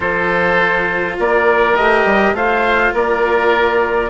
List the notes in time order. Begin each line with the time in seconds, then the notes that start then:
0.00 F3 F4 A4 C5
1.19 A#3 A#4 D5
1.75 A3 G4 D#5
2.04 G3
2.32 A3 F4 C5 F5
2.93 A#3 A#4 D5